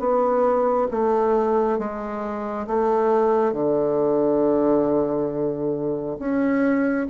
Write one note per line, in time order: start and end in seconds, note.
0.00 0.88 B3
0.91 1.79 A3
1.79 2.67 G#3
2.68 3.53 A3
3.53 6.18 D3
6.20 7.08 C#4